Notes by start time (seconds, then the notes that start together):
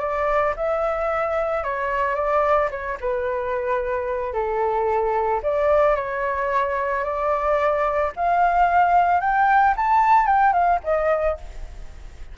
0.00 D5
0.57 E5
1.64 C#5
2.15 D5
2.71 C#5
3.00 B4
4.33 A4
5.43 D5
5.96 C#5
7.04 D5
8.16 F5
9.21 G5
9.77 A5
10.27 G5
10.53 F5
10.84 D#5